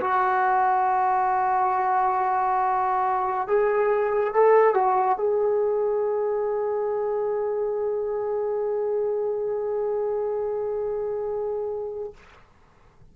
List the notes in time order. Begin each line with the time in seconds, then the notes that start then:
0.00 F#4
3.47 G#4
4.34 A4
4.74 F#4
5.17 G#4